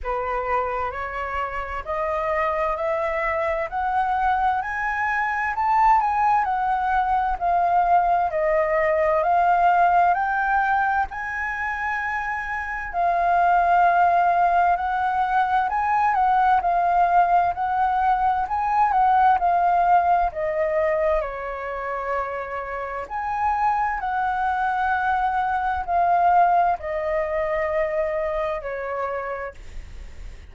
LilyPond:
\new Staff \with { instrumentName = "flute" } { \time 4/4 \tempo 4 = 65 b'4 cis''4 dis''4 e''4 | fis''4 gis''4 a''8 gis''8 fis''4 | f''4 dis''4 f''4 g''4 | gis''2 f''2 |
fis''4 gis''8 fis''8 f''4 fis''4 | gis''8 fis''8 f''4 dis''4 cis''4~ | cis''4 gis''4 fis''2 | f''4 dis''2 cis''4 | }